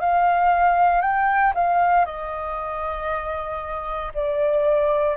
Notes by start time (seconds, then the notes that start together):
0.00 F5
1.02 G5
1.54 F5
2.05 D#5
4.14 D5